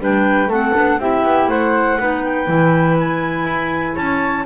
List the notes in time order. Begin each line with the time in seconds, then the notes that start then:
0.00 G3 D4 B4 G5
0.47 A3 C4 A4 F#5
0.75 B3 D4
0.98 C4 E4 G4 E5
1.24 B3
1.48 A3 C5 F#5
1.99 B3 D#4 B4
2.24 G5
2.48 E3 E4
2.99 G#5
3.45 E4
3.95 C#4 C#5 A5